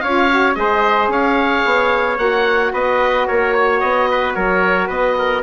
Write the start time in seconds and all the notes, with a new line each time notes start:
0.00 C#4 F4 C#5 F5
0.30 F#4
0.55 G#3 G#4 C5 D#5
1.08 C#4 C#5 F5
1.65 B3
2.18 A#3 F#4 F#5
2.73 B3 B4 D#5
3.27 A#3 A#4 C#5
3.54 C#5
3.80 B3 D#5
4.11 B4
4.34 F#3 A#4 C#5
4.88 B3 B4 D#5
5.19 A#4